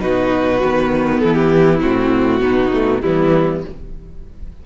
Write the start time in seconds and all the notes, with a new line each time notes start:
0.00 B2 D#4 F#4 B4
0.62 D#3 B3
1.20 E3 E4 A4
1.34 G4
1.81 A2 C4 F#4
2.40 B2 B3 D#4
2.73 A3
3.01 E3 G3 B3 E4